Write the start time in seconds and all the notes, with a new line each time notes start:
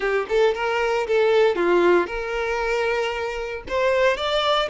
0.00 G4
0.28 A4
0.54 A#4
1.07 A4
1.55 F4
2.06 A#4
3.68 C5
4.16 D5